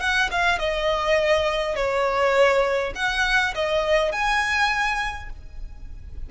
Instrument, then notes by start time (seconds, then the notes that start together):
violin
0.00 F#5
0.31 F5
0.59 D#5
1.76 C#5
2.95 F#5
3.55 D#5
4.12 G#5